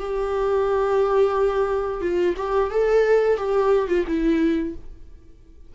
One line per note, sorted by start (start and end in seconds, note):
0.00 2.02 G4
2.02 2.35 F4
2.37 2.71 G4
2.71 3.38 A4
3.38 3.88 G4
3.88 4.05 F4
4.08 4.75 E4